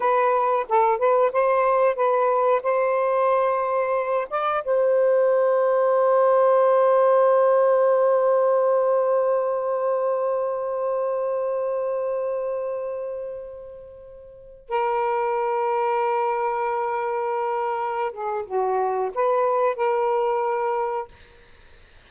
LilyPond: \new Staff \with { instrumentName = "saxophone" } { \time 4/4 \tempo 4 = 91 b'4 a'8 b'8 c''4 b'4 | c''2~ c''8 d''8 c''4~ | c''1~ | c''1~ |
c''1~ | c''2~ c''16 ais'4.~ ais'16~ | ais'2.~ ais'8 gis'8 | fis'4 b'4 ais'2 | }